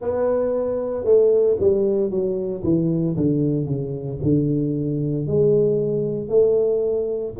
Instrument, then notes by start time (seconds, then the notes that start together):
tuba
0.00 B3
1.04 A3
1.59 G3
2.10 F#3
2.63 E3
3.16 D3
3.65 C#3
4.22 D3
5.26 G#3
6.28 A3